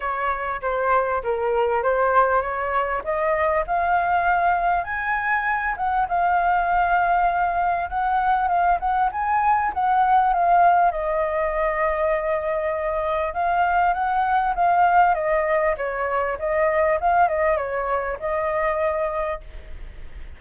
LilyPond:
\new Staff \with { instrumentName = "flute" } { \time 4/4 \tempo 4 = 99 cis''4 c''4 ais'4 c''4 | cis''4 dis''4 f''2 | gis''4. fis''8 f''2~ | f''4 fis''4 f''8 fis''8 gis''4 |
fis''4 f''4 dis''2~ | dis''2 f''4 fis''4 | f''4 dis''4 cis''4 dis''4 | f''8 dis''8 cis''4 dis''2 | }